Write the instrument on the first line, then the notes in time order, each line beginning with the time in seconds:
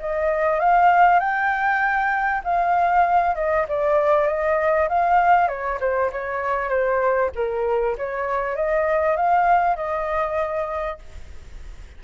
flute
0.00 D#5
0.60 F5
1.20 G5
2.44 F5
3.36 D#5
3.69 D5
4.27 D#5
4.89 F5
5.49 C#5
5.81 C5
6.13 C#5
6.70 C5
7.36 A#4
7.98 C#5
8.56 D#5
9.17 F5
9.77 D#5